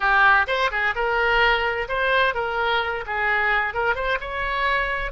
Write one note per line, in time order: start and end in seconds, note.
0.00 0.46 G4
0.47 0.70 C5
0.71 0.94 G#4
0.95 1.88 A#4
1.88 2.34 C5
2.34 3.04 A#4
3.06 3.74 G#4
3.74 3.95 A#4
3.95 4.18 C5
4.20 5.11 C#5